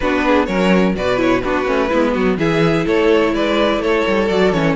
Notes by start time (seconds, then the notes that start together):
0.00 B3 D4 F#4 B4
0.27 G#4
0.45 F#3 C#4 A#4 C#5
0.95 B2 F#4 B4 D5
1.17 E4 C#5
1.41 B3 D4 F#4 B4
1.65 A3 C#4
1.89 G#3 B3 E4
2.13 F#3 F#4
2.37 E3 E4 G#4 E5
2.85 A3 A4 C#5
3.34 G#3 B4 D5
3.78 A3 A4 C#5
4.07 G3
4.28 F#3 F#4 D5
4.51 E3 C#4 C#5